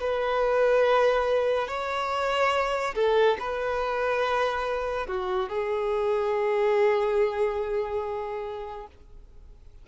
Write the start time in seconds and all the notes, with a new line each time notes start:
0.00 B4
1.67 C#5
2.95 A4
3.39 B4
5.07 F#4
5.49 G#4